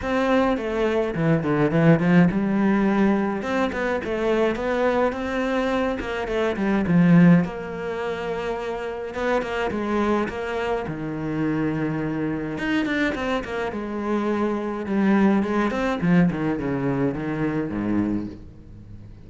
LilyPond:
\new Staff \with { instrumentName = "cello" } { \time 4/4 \tempo 4 = 105 c'4 a4 e8 d8 e8 f8 | g2 c'8 b8 a4 | b4 c'4. ais8 a8 g8 | f4 ais2. |
b8 ais8 gis4 ais4 dis4~ | dis2 dis'8 d'8 c'8 ais8 | gis2 g4 gis8 c'8 | f8 dis8 cis4 dis4 gis,4 | }